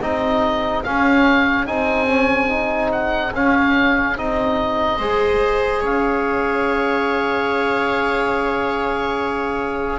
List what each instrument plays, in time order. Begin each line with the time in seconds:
0.00 double bass C4, trombone D#4, viola G#4, oboe D#5
0.84 trombone C#4, double bass C#4, oboe F5
1.66 double bass C4, trombone D#4, oboe G#5
2.08 trombone C#4
2.49 trombone D#4
2.92 oboe F#5
3.34 double bass C#4, trombone C#4, oboe F5
4.16 double bass C4, trombone D#4, oboe D#5
4.99 double bass G#3, trombone G#4, viola C5
5.81 double bass C#4, viola C#5, oboe F5